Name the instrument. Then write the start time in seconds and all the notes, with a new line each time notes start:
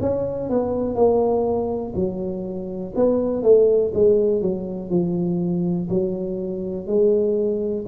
tuba
0.00 C#4
0.49 B3
0.95 A#3
1.95 F#3
2.96 B3
3.42 A3
3.93 G#3
4.41 F#3
4.90 F3
5.89 F#3
6.87 G#3